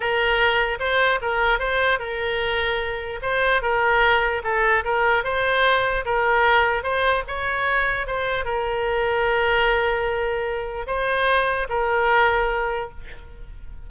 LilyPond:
\new Staff \with { instrumentName = "oboe" } { \time 4/4 \tempo 4 = 149 ais'2 c''4 ais'4 | c''4 ais'2. | c''4 ais'2 a'4 | ais'4 c''2 ais'4~ |
ais'4 c''4 cis''2 | c''4 ais'2.~ | ais'2. c''4~ | c''4 ais'2. | }